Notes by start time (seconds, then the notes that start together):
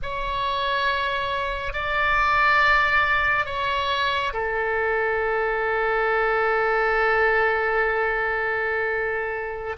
0.02 C#5
1.73 D5
3.45 C#5
4.33 A4